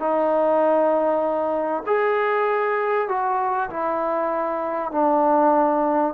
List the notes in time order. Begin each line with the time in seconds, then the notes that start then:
0.00 D#4
1.87 G#4
3.09 F#4
3.70 E4
4.92 D4